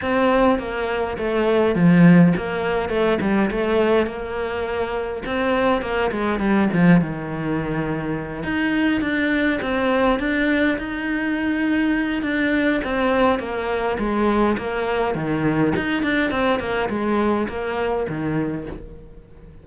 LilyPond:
\new Staff \with { instrumentName = "cello" } { \time 4/4 \tempo 4 = 103 c'4 ais4 a4 f4 | ais4 a8 g8 a4 ais4~ | ais4 c'4 ais8 gis8 g8 f8 | dis2~ dis8 dis'4 d'8~ |
d'8 c'4 d'4 dis'4.~ | dis'4 d'4 c'4 ais4 | gis4 ais4 dis4 dis'8 d'8 | c'8 ais8 gis4 ais4 dis4 | }